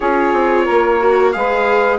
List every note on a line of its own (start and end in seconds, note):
0.00 0.33 C#4
0.00 1.00 F4
0.00 0.64 G#4
0.00 1.32 C#5
0.33 0.66 C4
0.64 1.35 A#3
0.64 1.31 A#4
1.00 1.33 F#4
1.32 1.98 G#3
1.32 1.98 G#4
1.32 1.98 B4
1.32 1.98 F5